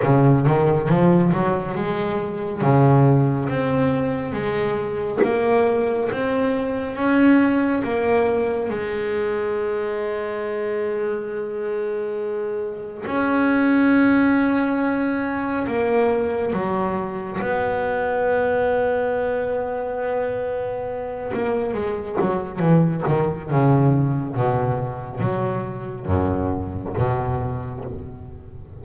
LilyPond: \new Staff \with { instrumentName = "double bass" } { \time 4/4 \tempo 4 = 69 cis8 dis8 f8 fis8 gis4 cis4 | c'4 gis4 ais4 c'4 | cis'4 ais4 gis2~ | gis2. cis'4~ |
cis'2 ais4 fis4 | b1~ | b8 ais8 gis8 fis8 e8 dis8 cis4 | b,4 fis4 fis,4 b,4 | }